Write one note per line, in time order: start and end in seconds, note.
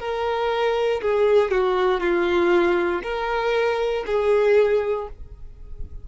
0.00 1.02 A#4
1.02 1.52 G#4
1.52 2.01 F#4
2.01 3.02 F4
3.03 4.05 A#4
4.07 5.08 G#4